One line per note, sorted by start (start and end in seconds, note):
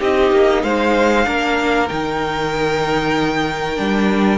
0.00 0.32 C4
0.00 1.24 D#4
0.00 0.63 G4
0.00 0.63 D#5
0.32 0.63 A#3
0.63 1.26 G#3
0.63 1.26 C5
0.63 1.88 F5
1.24 1.90 A#3
1.24 1.87 D4
1.24 4.37 A#4
1.88 3.78 D#3
1.88 3.76 D#4
1.88 4.37 G5
3.76 4.37 G3
3.76 4.37 D4